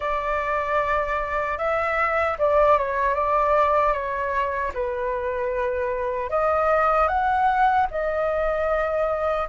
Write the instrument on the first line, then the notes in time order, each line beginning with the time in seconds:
flute
0.00 D5
1.58 E5
2.38 D5
2.78 C#5
3.14 D5
3.93 C#5
4.74 B4
6.29 D#5
7.07 F#5
7.90 D#5